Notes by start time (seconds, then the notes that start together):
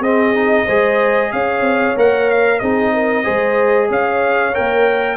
0.00 C4 G#4 D#5
0.35 D#4
0.66 G#3 G#4 C5
1.32 C#4 C#5 F5
1.61 C4
1.97 A#3 A#4 F#5
2.31 F5
2.59 C4 D#4 G#4 D#5
2.94 A#4
3.24 G#3 G#4 C5
3.89 C#4 C#5 F5
4.54 A#3 A#4 G5